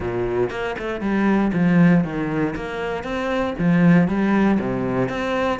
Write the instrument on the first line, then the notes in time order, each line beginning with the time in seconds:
cello
0.00 A#2
0.50 A#3
0.78 A3
1.00 G3
1.53 F3
2.04 D#3
2.55 A#3
3.03 C4
3.58 F3
4.07 G3
4.59 C3
5.08 C4